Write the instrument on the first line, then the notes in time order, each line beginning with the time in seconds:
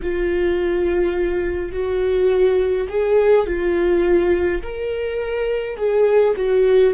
viola
0.02 F4
1.72 F#4
2.88 G#4
3.46 F4
4.62 A#4
5.76 G#4
6.36 F#4